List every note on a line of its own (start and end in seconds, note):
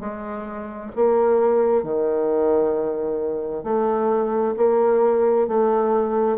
0.00 0.91 G#3
0.96 1.83 A#3
1.83 3.64 D#3
3.64 4.55 A3
4.57 5.48 A#3
5.48 6.38 A3